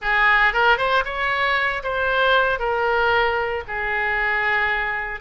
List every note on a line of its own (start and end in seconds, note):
0.01 0.53 G#4
0.53 0.77 A#4
0.77 1.03 C5
1.04 1.83 C#5
1.83 2.59 C5
2.59 3.63 A#4
3.67 5.20 G#4